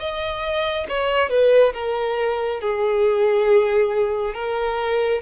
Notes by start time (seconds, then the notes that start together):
0.00 D#5
0.89 C#5
1.30 B4
1.74 A#4
2.61 G#4
4.35 A#4